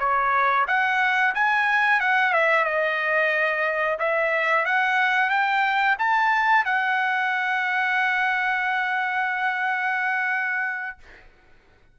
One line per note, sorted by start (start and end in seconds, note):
0.00 0.67 C#5
0.68 1.34 F#5
1.35 2.01 G#5
2.01 2.33 F#5
2.33 2.65 E5
2.65 3.98 D#5
3.99 4.66 E5
4.66 5.30 F#5
5.30 5.97 G5
5.99 6.65 A5
6.65 10.98 F#5